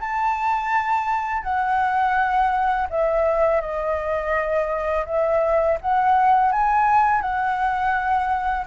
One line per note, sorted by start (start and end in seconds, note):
0.00 1.43 A5
1.43 2.88 F#5
2.90 3.61 E5
3.61 5.06 D#5
5.06 5.78 E5
5.81 6.52 F#5
6.52 7.21 G#5
7.21 8.66 F#5